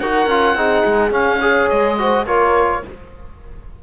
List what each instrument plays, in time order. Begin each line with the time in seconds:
0.00 cello D#4, trombone F#4, horn A#4, oboe F#5
0.27 cello C#4, trombone F4
0.55 cello C4, trombone D#4, horn G#4
0.86 cello G#3
1.11 cello C#4, trombone C#4, oboe F5
1.41 trombone G#4, horn C#5
1.70 cello G#3, oboe D#5
1.98 trombone F#4, horn C5
2.26 cello A#3, trombone F4, horn A#4, oboe C#5